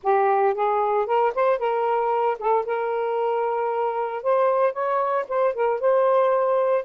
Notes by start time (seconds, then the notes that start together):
0.03 G4
0.54 G#4
1.06 A#4
1.34 C5
1.58 A#4
2.38 A4
2.65 A#4
4.22 C5
4.72 C#5
5.28 C5
5.54 A#4
5.80 C5